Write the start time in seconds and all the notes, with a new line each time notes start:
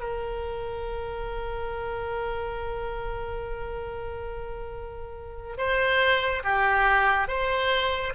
0.00 A#4
5.57 C5
6.44 G4
7.28 C5